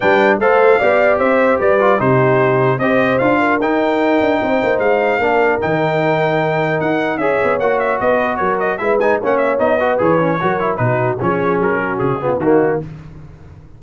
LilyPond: <<
  \new Staff \with { instrumentName = "trumpet" } { \time 4/4 \tempo 4 = 150 g''4 f''2 e''4 | d''4 c''2 dis''4 | f''4 g''2. | f''2 g''2~ |
g''4 fis''4 e''4 fis''8 e''8 | dis''4 cis''8 dis''8 e''8 gis''8 fis''8 e''8 | dis''4 cis''2 b'4 | cis''4 ais'4 gis'4 fis'4 | }
  \new Staff \with { instrumentName = "horn" } { \time 4/4 b'4 c''4 d''4 c''4 | b'4 g'2 c''4~ | c''8 ais'2~ ais'8 c''4~ | c''4 ais'2.~ |
ais'2 cis''2 | b'4 ais'4 b'4 cis''4~ | cis''8 b'4. ais'4 fis'4 | gis'4. fis'4 f'8 dis'4 | }
  \new Staff \with { instrumentName = "trombone" } { \time 4/4 d'4 a'4 g'2~ | g'8 f'8 dis'2 g'4 | f'4 dis'2.~ | dis'4 d'4 dis'2~ |
dis'2 gis'4 fis'4~ | fis'2 e'8 dis'8 cis'4 | dis'8 fis'8 gis'8 cis'8 fis'8 e'8 dis'4 | cis'2~ cis'8 b8 ais4 | }
  \new Staff \with { instrumentName = "tuba" } { \time 4/4 g4 a4 b4 c'4 | g4 c2 c'4 | d'4 dis'4. d'8 c'8 ais8 | gis4 ais4 dis2~ |
dis4 dis'4 cis'8 b8 ais4 | b4 fis4 gis4 ais4 | b4 e4 fis4 b,4 | f4 fis4 cis4 dis4 | }
>>